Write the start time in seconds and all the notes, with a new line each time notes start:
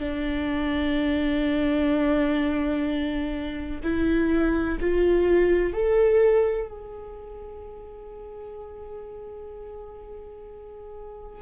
0.00 D4
3.84 E4
4.81 F4
5.74 A4
6.69 G#4